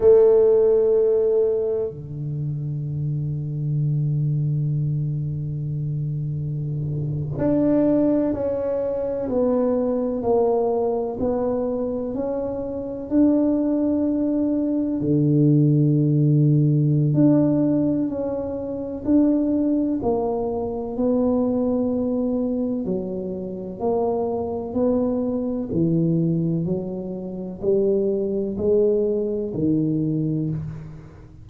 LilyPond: \new Staff \with { instrumentName = "tuba" } { \time 4/4 \tempo 4 = 63 a2 d2~ | d2.~ d8. d'16~ | d'8. cis'4 b4 ais4 b16~ | b8. cis'4 d'2 d16~ |
d2 d'4 cis'4 | d'4 ais4 b2 | fis4 ais4 b4 e4 | fis4 g4 gis4 dis4 | }